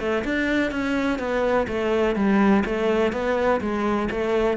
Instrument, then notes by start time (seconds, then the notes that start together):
cello
0.00 A3
0.25 D4
0.72 C#4
1.19 B3
1.68 A3
2.16 G3
2.66 A3
3.13 B3
3.61 G#3
4.11 A3